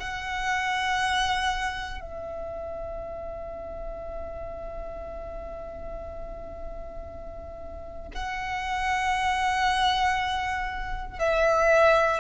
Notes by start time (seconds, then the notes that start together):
0.00 F#5
2.01 E5
8.14 F#5
11.20 E5